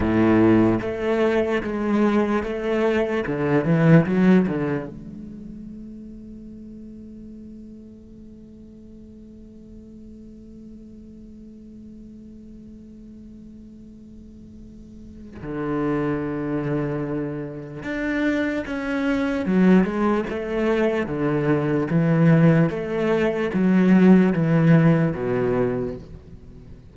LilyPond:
\new Staff \with { instrumentName = "cello" } { \time 4/4 \tempo 4 = 74 a,4 a4 gis4 a4 | d8 e8 fis8 d8 a2~ | a1~ | a1~ |
a2. d4~ | d2 d'4 cis'4 | fis8 gis8 a4 d4 e4 | a4 fis4 e4 b,4 | }